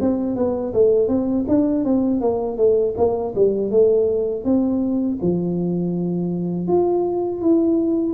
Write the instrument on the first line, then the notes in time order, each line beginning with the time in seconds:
tuba
0.00 C4
0.36 B3
0.73 A3
1.08 C4
1.47 D4
1.84 C4
2.20 A#3
2.57 A3
2.97 A#3
3.35 G3
3.71 A3
4.44 C4
5.21 F3
6.67 F4
7.41 E4